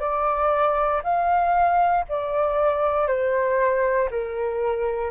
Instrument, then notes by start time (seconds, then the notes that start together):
flute
0.00 D5
1.04 F5
2.08 D5
3.07 C5
4.11 A#4